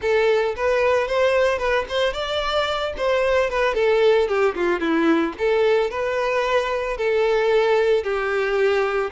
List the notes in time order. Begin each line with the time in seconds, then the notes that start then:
0.01 A4
0.56 B4
1.07 C5
1.58 B4
1.88 C5
2.13 D5
2.97 C5
3.50 B4
3.74 A4
4.27 G4
4.55 F4
4.79 E4
5.38 A4
5.90 B4
6.97 A4
8.03 G4